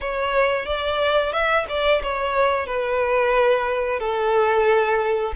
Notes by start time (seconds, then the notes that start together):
0.00 C#5
0.65 D5
1.32 E5
1.68 D5
2.02 C#5
2.66 B4
3.99 A4